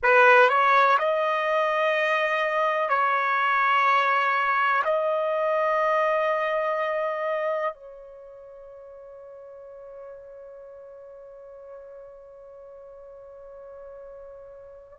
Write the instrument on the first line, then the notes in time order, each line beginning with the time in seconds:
trumpet
0.03 B4
0.49 C#5
0.99 D#5
2.89 C#5
4.84 D#5
7.74 C#5